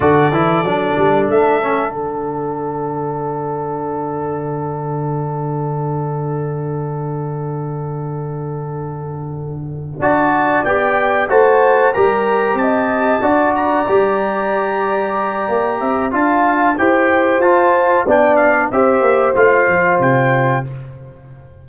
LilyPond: <<
  \new Staff \with { instrumentName = "trumpet" } { \time 4/4 \tempo 4 = 93 d''2 e''4 fis''4~ | fis''1~ | fis''1~ | fis''2.~ fis''8 a''8~ |
a''8 g''4 a''4 ais''4 a''8~ | a''4 ais''2.~ | ais''4 a''4 g''4 a''4 | g''8 f''8 e''4 f''4 g''4 | }
  \new Staff \with { instrumentName = "horn" } { \time 4/4 a'1~ | a'1~ | a'1~ | a'2.~ a'8 d''8~ |
d''4. c''4 ais'4 dis''8~ | dis''8 d''2.~ d''8~ | d''8 e''8 f''4 c''2 | d''4 c''2. | }
  \new Staff \with { instrumentName = "trombone" } { \time 4/4 fis'8 e'8 d'4. cis'8 d'4~ | d'1~ | d'1~ | d'2.~ d'8 fis'8~ |
fis'8 g'4 fis'4 g'4.~ | g'8 fis'4 g'2~ g'8~ | g'4 f'4 g'4 f'4 | d'4 g'4 f'2 | }
  \new Staff \with { instrumentName = "tuba" } { \time 4/4 d8 e8 fis8 g8 a4 d4~ | d1~ | d1~ | d2.~ d8 d'8~ |
d'8 b4 a4 g4 c'8~ | c'8 d'4 g2~ g8 | ais8 c'8 d'4 e'4 f'4 | b4 c'8 ais8 a8 f8 c4 | }
>>